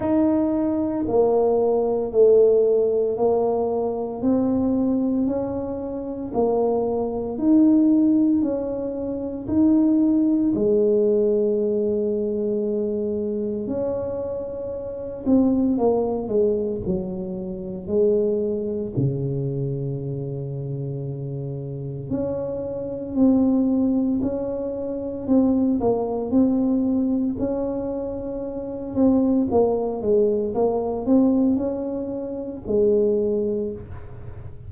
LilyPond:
\new Staff \with { instrumentName = "tuba" } { \time 4/4 \tempo 4 = 57 dis'4 ais4 a4 ais4 | c'4 cis'4 ais4 dis'4 | cis'4 dis'4 gis2~ | gis4 cis'4. c'8 ais8 gis8 |
fis4 gis4 cis2~ | cis4 cis'4 c'4 cis'4 | c'8 ais8 c'4 cis'4. c'8 | ais8 gis8 ais8 c'8 cis'4 gis4 | }